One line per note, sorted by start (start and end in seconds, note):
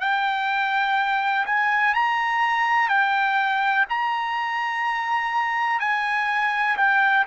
0.00 1.45 G5
1.46 1.94 G#5
1.94 2.88 A#5
2.88 3.85 G5
3.89 5.79 A#5
5.79 6.76 G#5
6.77 7.25 G5